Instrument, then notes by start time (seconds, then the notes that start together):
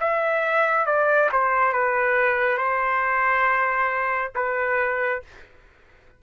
trumpet
0.00 E5
0.86 D5
1.32 C5
1.73 B4
2.58 C5
4.35 B4